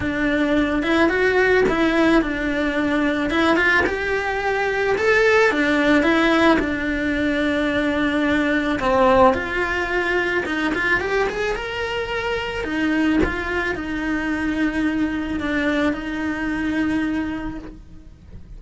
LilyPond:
\new Staff \with { instrumentName = "cello" } { \time 4/4 \tempo 4 = 109 d'4. e'8 fis'4 e'4 | d'2 e'8 f'8 g'4~ | g'4 a'4 d'4 e'4 | d'1 |
c'4 f'2 dis'8 f'8 | g'8 gis'8 ais'2 dis'4 | f'4 dis'2. | d'4 dis'2. | }